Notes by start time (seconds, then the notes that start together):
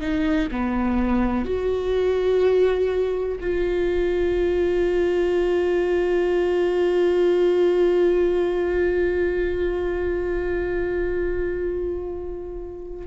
0.00 D#4
0.51 B3
1.45 F#4
3.40 F4